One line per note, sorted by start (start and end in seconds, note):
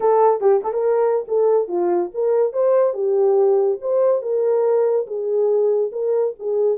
0.00 0.40 A4
0.40 0.61 G4
0.63 0.73 A4
0.73 1.26 A#4
1.28 1.68 A4
1.68 2.10 F4
2.14 2.52 A#4
2.52 2.93 C5
2.93 3.78 G4
3.81 4.22 C5
4.22 5.06 A#4
5.06 5.91 G#4
5.92 6.34 A#4
6.39 6.78 G#4